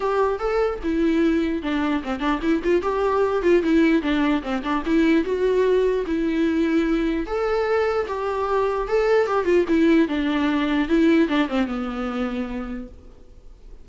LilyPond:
\new Staff \with { instrumentName = "viola" } { \time 4/4 \tempo 4 = 149 g'4 a'4 e'2 | d'4 c'8 d'8 e'8 f'8 g'4~ | g'8 f'8 e'4 d'4 c'8 d'8 | e'4 fis'2 e'4~ |
e'2 a'2 | g'2 a'4 g'8 f'8 | e'4 d'2 e'4 | d'8 c'8 b2. | }